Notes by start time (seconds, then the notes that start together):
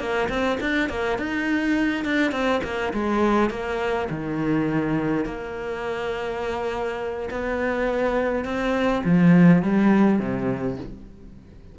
0.00 A#3
0.30 C4
0.61 D4
0.90 A#3
1.19 D#4
2.05 D4
2.32 C4
2.64 A#3
2.94 G#3
3.51 A#3
4.10 D#3
5.26 A#3
7.31 B3
8.45 C4
9.05 F3
9.63 G3
10.20 C3